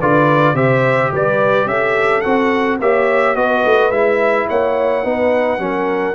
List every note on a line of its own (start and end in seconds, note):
0.00 0.54 D3
0.00 0.55 F4
0.00 0.55 B4
0.00 0.56 D5
0.54 1.10 C3
0.54 2.23 G4
0.54 1.11 C5
0.54 1.12 E5
1.13 1.66 G3
1.13 1.69 B4
1.13 1.68 D5
1.66 2.22 C#4
1.66 2.81 A4
1.66 2.21 E5
2.21 2.80 C4
2.21 2.80 F#4
2.21 2.77 F#5
2.80 3.36 A#3
2.80 3.36 G4
2.80 3.37 C#5
2.80 3.36 E5
3.36 3.64 B3
3.36 3.92 F#4
3.36 4.49 B4
3.36 3.92 D#5
3.65 3.90 A3
3.90 4.46 G#3
3.90 5.04 E4
3.90 4.48 E5
4.49 5.05 A#3
4.49 5.05 C#5
4.49 6.15 F#5
5.04 5.59 B3
5.04 5.59 D#4
5.04 5.61 B4
5.59 6.15 F#3
5.59 6.15 C#4
5.59 6.15 A#4